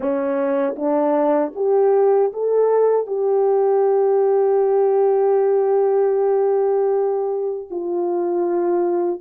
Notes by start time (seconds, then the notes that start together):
0.00 C#4
0.76 D4
1.55 G4
2.33 A4
3.07 G4
7.70 F4